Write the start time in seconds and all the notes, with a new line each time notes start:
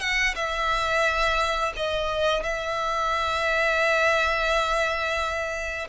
0.00 F#5
0.35 E5
1.76 D#5
2.43 E5